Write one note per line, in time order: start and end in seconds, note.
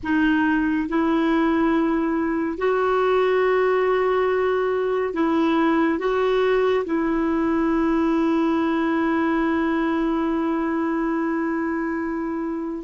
0.03 0.88 D#4
0.88 2.58 E4
2.58 5.14 F#4
5.14 5.98 E4
5.98 6.84 F#4
6.85 12.84 E4